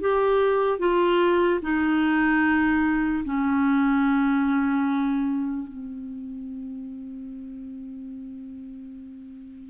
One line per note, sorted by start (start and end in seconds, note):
0.00 0.79 G4
0.79 1.60 F4
1.62 3.24 D#4
3.24 5.68 C#4
5.68 9.70 C4